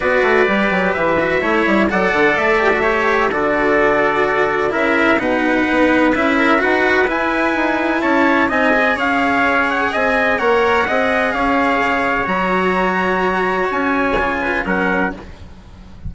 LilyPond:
<<
  \new Staff \with { instrumentName = "trumpet" } { \time 4/4 \tempo 4 = 127 d''2 e''2 | fis''4 e''2 d''4~ | d''2 e''4 fis''4~ | fis''4 e''4 fis''4 gis''4~ |
gis''4 a''4 gis''4 f''4~ | f''8 fis''8 gis''4 fis''2 | f''2 ais''2~ | ais''4 gis''2 fis''4 | }
  \new Staff \with { instrumentName = "trumpet" } { \time 4/4 b'2. cis''4 | d''2 cis''4 a'4~ | a'2 ais'4 b'4~ | b'4. ais'8 b'2~ |
b'4 cis''4 dis''4 cis''4~ | cis''4 dis''4 cis''4 dis''4 | cis''1~ | cis''2~ cis''8 b'8 ais'4 | }
  \new Staff \with { instrumentName = "cello" } { \time 4/4 fis'4 g'4. fis'8 e'4 | a'4. g'16 fis'16 g'4 fis'4~ | fis'2 e'4 dis'4~ | dis'4 e'4 fis'4 e'4~ |
e'2 dis'8 gis'4.~ | gis'2 ais'4 gis'4~ | gis'2 fis'2~ | fis'2 f'4 cis'4 | }
  \new Staff \with { instrumentName = "bassoon" } { \time 4/4 b8 a8 g8 fis8 e4 a8 g8 | fis8 d8 a2 d4~ | d2 cis4 b,4 | b4 cis'4 dis'4 e'4 |
dis'4 cis'4 c'4 cis'4~ | cis'4 c'4 ais4 c'4 | cis'4 cis4 fis2~ | fis4 cis'4 cis4 fis4 | }
>>